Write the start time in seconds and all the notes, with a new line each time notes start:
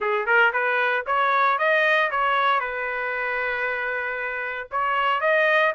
0.00 G#4
0.26 A#4
0.52 B4
1.06 C#5
1.58 D#5
2.10 C#5
2.60 B4
4.71 C#5
5.20 D#5